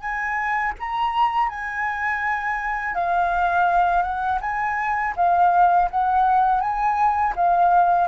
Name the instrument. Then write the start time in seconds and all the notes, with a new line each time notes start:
flute
0.00 G#5
0.80 A#5
1.49 G#5
2.95 F5
4.03 F#5
4.41 G#5
5.17 F5
5.91 F#5
6.61 G#5
7.36 F5